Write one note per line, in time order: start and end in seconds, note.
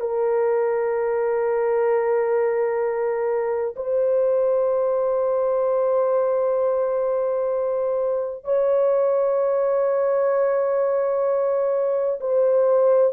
0.00 3.75 A#4
3.75 8.44 C5
8.44 12.19 C#5
12.20 13.13 C5